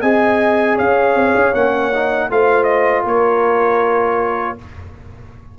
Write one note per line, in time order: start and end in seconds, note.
0.00 0.78 C4
0.00 1.54 G#4
0.00 0.75 D#5
0.00 0.77 G#5
0.75 1.15 C#4
0.75 2.27 C#5
0.75 1.54 F5
1.15 1.34 C4
1.34 1.53 C#4
1.54 2.30 A#3
1.54 1.92 C#4
1.54 2.30 F#5
1.94 2.30 D#4
2.30 3.05 A3
2.30 4.58 F4
2.30 3.03 C5
2.30 2.64 F5
2.64 3.02 D#5
3.03 4.57 A#3
3.03 4.55 A#4
3.03 4.58 C#5